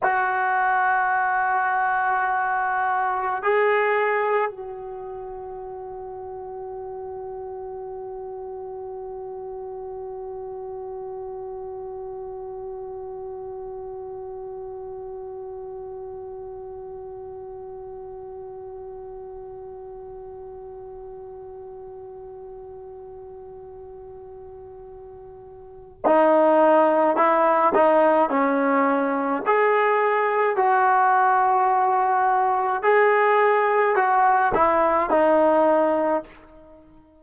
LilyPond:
\new Staff \with { instrumentName = "trombone" } { \time 4/4 \tempo 4 = 53 fis'2. gis'4 | fis'1~ | fis'1~ | fis'1~ |
fis'1~ | fis'2. dis'4 | e'8 dis'8 cis'4 gis'4 fis'4~ | fis'4 gis'4 fis'8 e'8 dis'4 | }